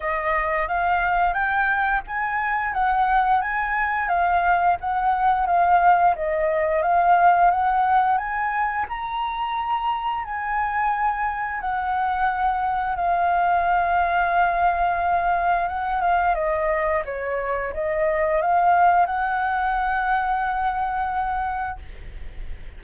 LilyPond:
\new Staff \with { instrumentName = "flute" } { \time 4/4 \tempo 4 = 88 dis''4 f''4 g''4 gis''4 | fis''4 gis''4 f''4 fis''4 | f''4 dis''4 f''4 fis''4 | gis''4 ais''2 gis''4~ |
gis''4 fis''2 f''4~ | f''2. fis''8 f''8 | dis''4 cis''4 dis''4 f''4 | fis''1 | }